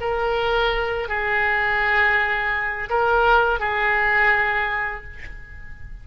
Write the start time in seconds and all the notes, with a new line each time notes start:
0.00 A#4
1.08 G#4
2.89 A#4
3.59 G#4